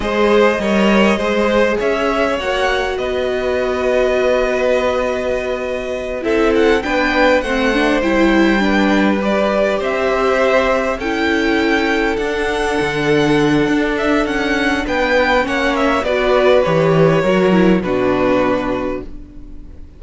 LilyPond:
<<
  \new Staff \with { instrumentName = "violin" } { \time 4/4 \tempo 4 = 101 dis''2. e''4 | fis''4 dis''2.~ | dis''2~ dis''8 e''8 fis''8 g''8~ | g''8 fis''4 g''2 d''8~ |
d''8 e''2 g''4.~ | g''8 fis''2. e''8 | fis''4 g''4 fis''8 e''8 d''4 | cis''2 b'2 | }
  \new Staff \with { instrumentName = "violin" } { \time 4/4 c''4 cis''4 c''4 cis''4~ | cis''4 b'2.~ | b'2~ b'8 a'4 b'8~ | b'8 c''2 b'4.~ |
b'8 c''2 a'4.~ | a'1~ | a'4 b'4 cis''4 b'4~ | b'4 ais'4 fis'2 | }
  \new Staff \with { instrumentName = "viola" } { \time 4/4 gis'4 ais'4 gis'2 | fis'1~ | fis'2~ fis'8 e'4 d'8~ | d'8 c'8 d'8 e'4 d'4 g'8~ |
g'2~ g'8 e'4.~ | e'8 d'2.~ d'8~ | d'2 cis'4 fis'4 | g'4 fis'8 e'8 d'2 | }
  \new Staff \with { instrumentName = "cello" } { \time 4/4 gis4 g4 gis4 cis'4 | ais4 b2.~ | b2~ b8 c'4 b8~ | b8 a4 g2~ g8~ |
g8 c'2 cis'4.~ | cis'8 d'4 d4. d'4 | cis'4 b4 ais4 b4 | e4 fis4 b,2 | }
>>